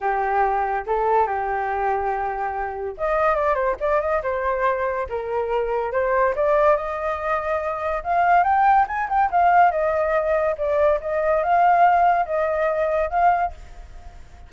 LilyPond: \new Staff \with { instrumentName = "flute" } { \time 4/4 \tempo 4 = 142 g'2 a'4 g'4~ | g'2. dis''4 | d''8 c''8 d''8 dis''8 c''2 | ais'2 c''4 d''4 |
dis''2. f''4 | g''4 gis''8 g''8 f''4 dis''4~ | dis''4 d''4 dis''4 f''4~ | f''4 dis''2 f''4 | }